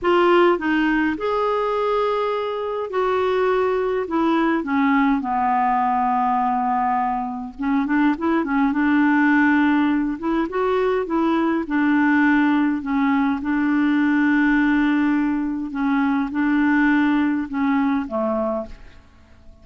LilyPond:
\new Staff \with { instrumentName = "clarinet" } { \time 4/4 \tempo 4 = 103 f'4 dis'4 gis'2~ | gis'4 fis'2 e'4 | cis'4 b2.~ | b4 cis'8 d'8 e'8 cis'8 d'4~ |
d'4. e'8 fis'4 e'4 | d'2 cis'4 d'4~ | d'2. cis'4 | d'2 cis'4 a4 | }